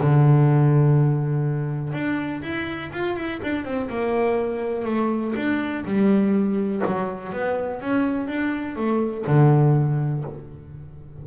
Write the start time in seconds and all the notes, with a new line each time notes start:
0.00 D3
1.93 D4
2.42 E4
2.92 F4
3.16 E4
3.43 D4
3.65 C4
3.89 A#3
4.85 A3
5.36 D4
5.85 G3
6.86 F#3
7.33 B3
7.81 C#4
8.27 D4
8.76 A3
9.27 D3